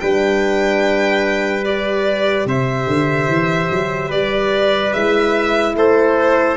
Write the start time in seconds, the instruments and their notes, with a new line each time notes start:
0.00 tuba G3, horn D4, trumpet B4, violin G5
1.65 horn G4, violin D5
2.45 tuba C3, trumpet C5, violin E5
2.87 tuba D3
3.28 tuba E3
3.71 tuba F#3
4.08 tuba G3, trumpet B4, violin D5
4.93 tuba G#3, horn E4, violin E5
5.75 tuba A3, trumpet A4, violin C5